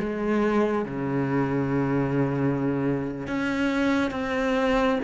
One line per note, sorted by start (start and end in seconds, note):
0.00 0.85 G#3
0.85 3.28 C#3
3.28 4.11 C#4
4.11 5.00 C4